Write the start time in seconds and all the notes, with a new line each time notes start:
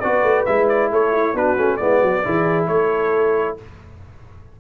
0.00 B3 F#4 B4 D5
0.23 A3
0.46 G#3 E4 E5
0.69 D5
0.91 A3 A4 C#5
1.13 E4
1.34 B3 D4 F#4 B4
1.57 A3 C#4
1.77 G#3 B3 E4 D5
2.01 F#3 F#4
2.24 E3 E4 G#4
2.67 A3 A4 C#5